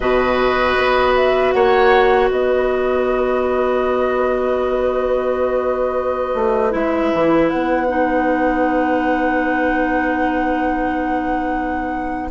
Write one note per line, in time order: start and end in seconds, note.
0.00 0.77 B2
0.00 6.71 F#4
0.00 1.54 B4
0.00 1.13 D#5
0.77 1.54 B3
1.16 1.51 E5
1.51 2.30 A#3
1.51 2.30 C#5
1.51 2.28 F#5
2.30 6.34 B3
2.30 12.30 B4
2.30 6.73 D#5
6.34 6.73 A3
6.71 7.12 G#3
6.71 7.86 E4
6.71 7.49 E5
7.13 7.51 E3
7.49 12.31 B3
7.49 12.30 F#5
7.88 12.30 D#4